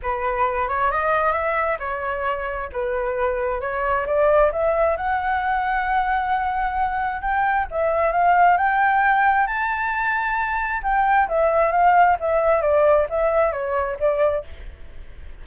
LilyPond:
\new Staff \with { instrumentName = "flute" } { \time 4/4 \tempo 4 = 133 b'4. cis''8 dis''4 e''4 | cis''2 b'2 | cis''4 d''4 e''4 fis''4~ | fis''1 |
g''4 e''4 f''4 g''4~ | g''4 a''2. | g''4 e''4 f''4 e''4 | d''4 e''4 cis''4 d''4 | }